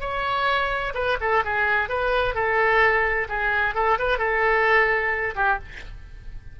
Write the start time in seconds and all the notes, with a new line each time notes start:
0.00 C#5
0.94 B4
1.20 A4
1.44 G#4
1.89 B4
2.34 A4
3.28 G#4
3.74 A4
3.98 B4
4.18 A4
5.35 G4